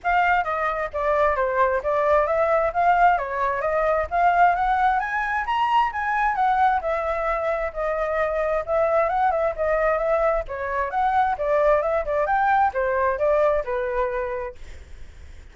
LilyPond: \new Staff \with { instrumentName = "flute" } { \time 4/4 \tempo 4 = 132 f''4 dis''4 d''4 c''4 | d''4 e''4 f''4 cis''4 | dis''4 f''4 fis''4 gis''4 | ais''4 gis''4 fis''4 e''4~ |
e''4 dis''2 e''4 | fis''8 e''8 dis''4 e''4 cis''4 | fis''4 d''4 e''8 d''8 g''4 | c''4 d''4 b'2 | }